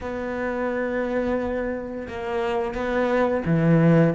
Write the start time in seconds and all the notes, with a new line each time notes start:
0.00 B3
2.08 A#3
2.74 B3
3.45 E3